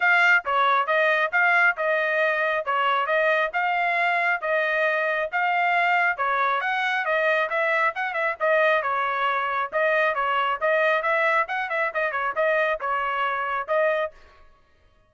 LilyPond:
\new Staff \with { instrumentName = "trumpet" } { \time 4/4 \tempo 4 = 136 f''4 cis''4 dis''4 f''4 | dis''2 cis''4 dis''4 | f''2 dis''2 | f''2 cis''4 fis''4 |
dis''4 e''4 fis''8 e''8 dis''4 | cis''2 dis''4 cis''4 | dis''4 e''4 fis''8 e''8 dis''8 cis''8 | dis''4 cis''2 dis''4 | }